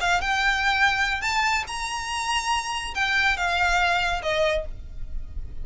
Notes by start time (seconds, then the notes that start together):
0.00 F5
0.21 G5
1.21 A5
1.67 A#5
2.94 G5
3.37 F5
4.22 D#5